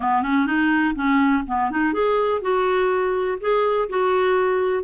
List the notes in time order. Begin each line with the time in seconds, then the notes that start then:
0.00 B3
0.22 C#4
0.46 D#4
0.95 C#4
1.47 B3
1.70 D#4
1.93 G#4
2.41 F#4
3.40 G#4
3.89 F#4